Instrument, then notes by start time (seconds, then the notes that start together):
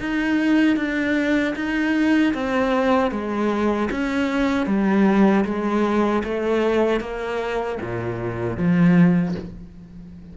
cello
0.00 D#4
0.77 D4
1.56 D#4
2.34 C4
3.12 G#3
3.91 C#4
4.67 G3
5.45 G#3
6.24 A3
7.01 A#3
7.81 A#2
8.57 F3